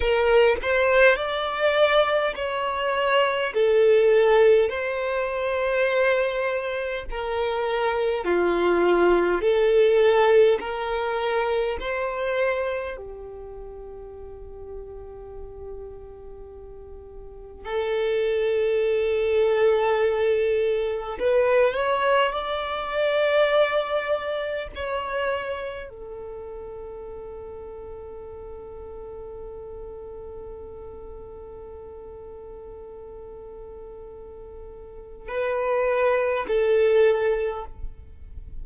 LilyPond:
\new Staff \with { instrumentName = "violin" } { \time 4/4 \tempo 4 = 51 ais'8 c''8 d''4 cis''4 a'4 | c''2 ais'4 f'4 | a'4 ais'4 c''4 g'4~ | g'2. a'4~ |
a'2 b'8 cis''8 d''4~ | d''4 cis''4 a'2~ | a'1~ | a'2 b'4 a'4 | }